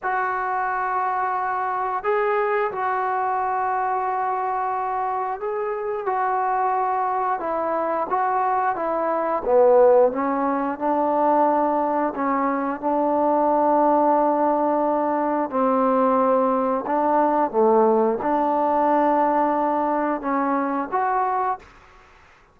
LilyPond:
\new Staff \with { instrumentName = "trombone" } { \time 4/4 \tempo 4 = 89 fis'2. gis'4 | fis'1 | gis'4 fis'2 e'4 | fis'4 e'4 b4 cis'4 |
d'2 cis'4 d'4~ | d'2. c'4~ | c'4 d'4 a4 d'4~ | d'2 cis'4 fis'4 | }